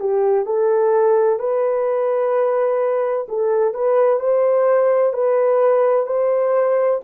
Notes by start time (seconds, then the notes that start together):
0.00 G4
0.46 A4
1.39 B4
3.28 A4
3.74 B4
4.20 C5
5.13 B4
6.07 C5